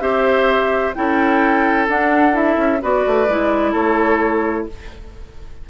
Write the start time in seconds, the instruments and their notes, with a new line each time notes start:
0.00 bassoon C4, clarinet G4, oboe C5, flute E5
0.94 bassoon C#4, clarinet E4, oboe A4, flute G5
1.88 bassoon D4, clarinet D4, flute F#5
2.32 clarinet E4, flute E5
2.56 bassoon C#4
2.81 bassoon B3, clarinet F#4, oboe B4, flute D5
3.06 bassoon A3
3.28 bassoon G#3, clarinet E4
3.72 bassoon A3, oboe A4, flute C#5